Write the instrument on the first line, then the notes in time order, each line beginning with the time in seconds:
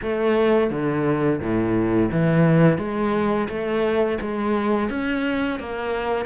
cello
0.02 A3
0.70 D3
1.40 A2
2.11 E3
2.78 G#3
3.49 A3
4.21 G#3
4.89 C#4
5.59 A#3